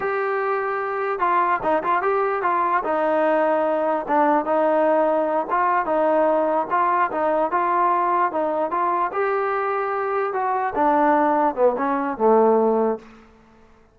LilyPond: \new Staff \with { instrumentName = "trombone" } { \time 4/4 \tempo 4 = 148 g'2. f'4 | dis'8 f'8 g'4 f'4 dis'4~ | dis'2 d'4 dis'4~ | dis'4. f'4 dis'4.~ |
dis'8 f'4 dis'4 f'4.~ | f'8 dis'4 f'4 g'4.~ | g'4. fis'4 d'4.~ | d'8 b8 cis'4 a2 | }